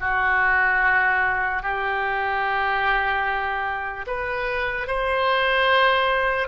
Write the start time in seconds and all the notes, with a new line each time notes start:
0.00 F#4
1.62 G4
4.07 B4
4.87 C5